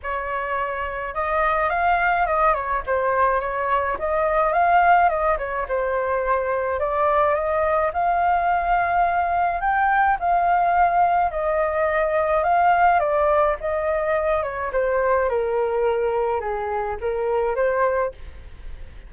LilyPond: \new Staff \with { instrumentName = "flute" } { \time 4/4 \tempo 4 = 106 cis''2 dis''4 f''4 | dis''8 cis''8 c''4 cis''4 dis''4 | f''4 dis''8 cis''8 c''2 | d''4 dis''4 f''2~ |
f''4 g''4 f''2 | dis''2 f''4 d''4 | dis''4. cis''8 c''4 ais'4~ | ais'4 gis'4 ais'4 c''4 | }